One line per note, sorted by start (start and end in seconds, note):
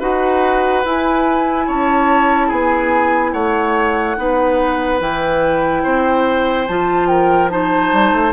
0.00 0.85 D#4
0.00 0.84 F#4
0.00 1.67 B4
0.00 0.85 F#5
0.85 1.68 E4
0.85 4.18 E4
0.85 1.69 G#5
1.67 2.52 C#4
1.67 2.48 C#5
1.67 2.51 A5
2.48 3.34 B3
2.48 3.31 G#4
2.48 3.33 G#5
3.33 4.17 A3
3.33 4.17 C#5
3.33 5.00 F#5
4.18 5.01 B3
4.18 5.00 D#4
4.18 5.83 B4
5.00 5.84 E3
5.00 6.67 E4
5.00 6.68 G5
5.83 6.68 C4
5.83 7.08 C5
6.68 7.93 F3
6.68 7.50 F4
6.68 7.08 A5
7.08 7.52 A#4
7.08 7.49 G5
7.50 8.33 D#4
7.50 8.33 C5
7.50 8.33 A5
7.93 8.13 G3
8.13 8.33 A3